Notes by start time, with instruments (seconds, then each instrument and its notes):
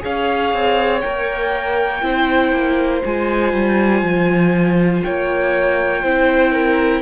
0.00 cello C#4, viola G#4, violin C#5 F5
0.54 cello C4
1.01 cello A#3, viola A#4, violin G5
2.02 cello C4, viola E4, violin C5
2.52 cello A#3
3.04 cello G#3, viola F4, violin G#5
3.53 cello G3
4.03 cello F3
5.04 cello A#3, violin C#5 G5
6.03 cello C4, viola E4, violin C5
6.53 violin A#4